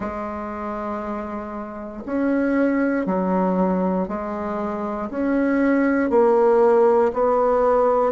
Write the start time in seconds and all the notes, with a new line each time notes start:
0.00 G#3
2.05 C#4
3.06 F#3
4.07 G#3
5.09 C#4
6.10 A#3
7.13 B3